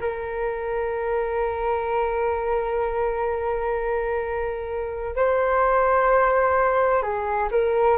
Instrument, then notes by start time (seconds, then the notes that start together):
flute
0.00 A#4
5.16 C5
7.02 G#4
7.51 A#4